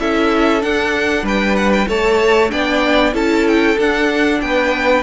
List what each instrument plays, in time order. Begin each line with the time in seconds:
0.00 cello C#4, viola E4, violin A4 E5
0.61 viola D4, cello D4, violin F#5
1.23 cello G3, violin B4 G5
1.56 violin F#5
1.73 violin G5
1.87 cello A3, viola A4, violin C#5 A5
2.50 cello B3, viola D4, violin D5 G5
3.13 cello C#4, viola E4, violin A4 A5
3.47 violin G5
3.79 cello D4, viola D4, violin F#5
4.41 cello B3, violin B4 G5